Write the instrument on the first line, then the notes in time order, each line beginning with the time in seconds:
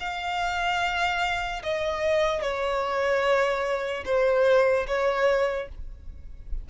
violin
0.00 F5
1.63 D#5
2.41 C#5
4.05 C5
4.87 C#5